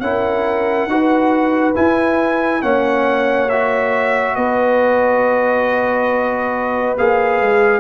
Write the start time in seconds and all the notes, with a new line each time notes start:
0.00 C#4 E4 A#4 F#5
0.87 D#4 F#4 B4
1.75 E4 G#5
2.62 A#3 C#4 C#5 F#5
3.49 F#4 E5
4.35 B3 B4 D#5
6.98 A#3 G#4 F5
7.41 G#3